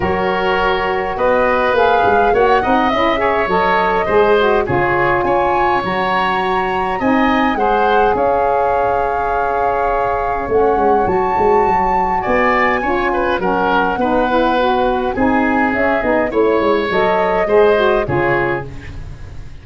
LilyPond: <<
  \new Staff \with { instrumentName = "flute" } { \time 4/4 \tempo 4 = 103 cis''2 dis''4 f''4 | fis''4 e''4 dis''2 | cis''4 gis''4 ais''2 | gis''4 fis''4 f''2~ |
f''2 fis''4 a''4~ | a''4 gis''2 fis''4~ | fis''2 gis''4 e''8 dis''8 | cis''4 dis''2 cis''4 | }
  \new Staff \with { instrumentName = "oboe" } { \time 4/4 ais'2 b'2 | cis''8 dis''4 cis''4. c''4 | gis'4 cis''2. | dis''4 c''4 cis''2~ |
cis''1~ | cis''4 d''4 cis''8 b'8 ais'4 | b'2 gis'2 | cis''2 c''4 gis'4 | }
  \new Staff \with { instrumentName = "saxophone" } { \time 4/4 fis'2. gis'4 | fis'8 dis'8 e'8 gis'8 a'4 gis'8 fis'8 | f'2 fis'2 | dis'4 gis'2.~ |
gis'2 cis'4 fis'4~ | fis'2 f'4 cis'4 | dis'8 e'8 fis'4 dis'4 cis'8 dis'8 | e'4 a'4 gis'8 fis'8 f'4 | }
  \new Staff \with { instrumentName = "tuba" } { \time 4/4 fis2 b4 ais8 gis8 | ais8 c'8 cis'4 fis4 gis4 | cis4 cis'4 fis2 | c'4 gis4 cis'2~ |
cis'2 a8 gis8 fis8 gis8 | fis4 b4 cis'4 fis4 | b2 c'4 cis'8 b8 | a8 gis8 fis4 gis4 cis4 | }
>>